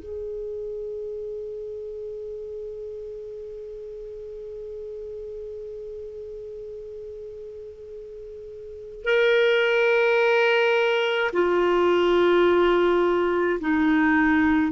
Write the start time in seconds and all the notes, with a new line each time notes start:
0.00 G#4
9.05 A#4
11.33 F4
13.61 D#4